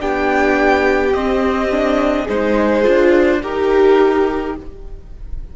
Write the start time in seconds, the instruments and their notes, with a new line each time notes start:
0.00 cello B3, viola D4, violin G4 G5
1.13 cello C4, viola C4, violin D#5
1.71 viola D4
2.23 cello G#3, viola D#4, violin G#4 C5
2.83 cello D4, viola F4
3.42 cello D#4, viola G4, violin G4 A#4